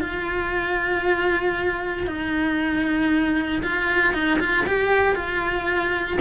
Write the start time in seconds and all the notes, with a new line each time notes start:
0.00 F4
2.07 D#4
3.63 F4
4.14 D#4
4.40 F4
4.66 G4
5.15 F4